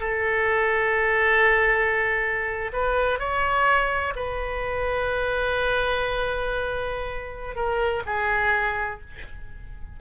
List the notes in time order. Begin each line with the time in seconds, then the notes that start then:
0.00 A4
2.73 B4
3.19 C#5
4.16 B4
7.56 A#4
8.06 G#4